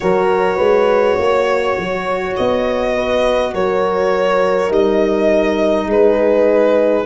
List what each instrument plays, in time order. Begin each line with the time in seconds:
0.00 tuba F#3, horn F#4 A#4, violin C#5
0.56 tuba G#3, horn B4
1.15 tuba A#3, horn C#5
1.78 tuba F#3
2.36 tuba B3, violin D#5
2.94 horn B4
3.54 tuba F#3, horn A#4, violin C#5
4.69 tuba G3, horn D#4, violin D#5
5.86 tuba G#3, horn G#4, violin B4